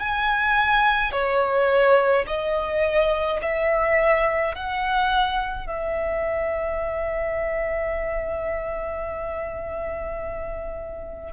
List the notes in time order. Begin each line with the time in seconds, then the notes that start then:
0.00 G#5
1.12 C#5
2.27 D#5
3.42 E5
4.55 F#5
5.67 E5